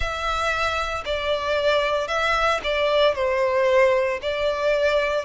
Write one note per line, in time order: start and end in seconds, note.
0.00 1.04 E5
1.05 2.07 D5
2.07 2.60 E5
2.63 3.14 D5
3.14 4.20 C5
4.22 5.25 D5